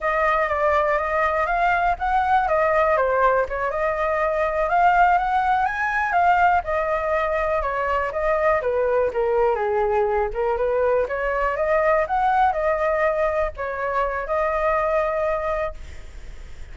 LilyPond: \new Staff \with { instrumentName = "flute" } { \time 4/4 \tempo 4 = 122 dis''4 d''4 dis''4 f''4 | fis''4 dis''4 c''4 cis''8 dis''8~ | dis''4. f''4 fis''4 gis''8~ | gis''8 f''4 dis''2 cis''8~ |
cis''8 dis''4 b'4 ais'4 gis'8~ | gis'4 ais'8 b'4 cis''4 dis''8~ | dis''8 fis''4 dis''2 cis''8~ | cis''4 dis''2. | }